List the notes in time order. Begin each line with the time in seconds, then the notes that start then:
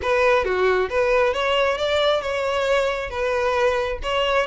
0.02 B4
0.44 F#4
0.89 B4
1.33 C#5
1.77 D5
2.21 C#5
3.10 B4
4.02 C#5